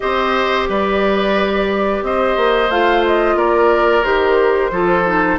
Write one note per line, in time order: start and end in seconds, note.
0.00 0.68 C4
0.00 2.69 G4
0.00 0.69 C5
0.00 0.68 D#5
0.68 2.02 G3
0.68 2.04 B4
0.68 2.04 D5
2.02 2.36 C4
2.02 3.36 C5
2.02 2.70 D#5
2.36 2.69 A#3
2.69 3.35 A3
2.69 4.03 F4
2.69 3.04 F5
3.06 3.38 D#5
3.35 4.02 A#3
3.35 4.70 A#4
3.35 4.04 D5
4.03 4.71 D#3
4.03 4.71 G4
4.03 5.38 C5
4.71 5.38 F3
4.71 5.05 F4
4.71 5.39 A4
5.05 5.39 D#4